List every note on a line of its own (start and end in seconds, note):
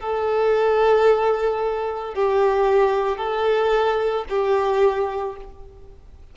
0.00 2.14 A4
2.14 3.18 G4
3.18 4.25 A4
4.30 5.37 G4